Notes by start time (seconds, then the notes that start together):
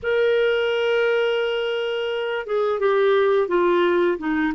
0.02 A#4
2.46 G#4
2.79 G4
3.48 F4
4.18 D#4